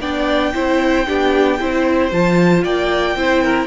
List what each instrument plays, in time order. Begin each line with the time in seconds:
0.00 cello B3, viola D4, violin D5 G5
0.54 cello C4, viola E4, violin C5
1.06 cello B3, viola D4, violin G4
1.59 cello C4, viola E4, violin C5
2.12 cello F3, viola F4, violin A5
2.64 cello A#3, violin D5 G5
3.16 cello C4, viola E4, violin C5
3.43 violin A#4